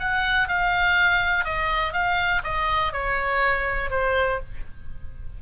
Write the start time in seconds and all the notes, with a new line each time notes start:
0.00 F#5
0.48 F5
1.45 D#5
1.93 F5
2.44 D#5
2.93 C#5
3.90 C5